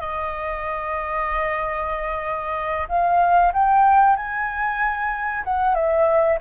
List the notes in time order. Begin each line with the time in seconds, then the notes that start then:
0.00 D#5
2.88 F5
3.53 G5
4.16 G#5
5.44 F#5
5.74 E5